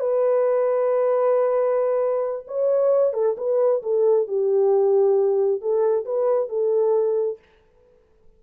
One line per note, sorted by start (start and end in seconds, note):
0.00 2.46 B4
2.48 3.14 C#5
3.14 3.36 A4
3.38 3.83 B4
3.83 4.28 A4
4.28 5.62 G4
5.62 6.06 A4
6.06 6.49 B4
6.49 7.39 A4